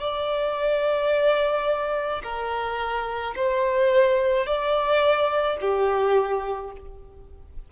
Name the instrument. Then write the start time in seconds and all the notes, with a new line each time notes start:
violin
0.00 D5
2.24 A#4
3.36 C5
4.46 D5
5.61 G4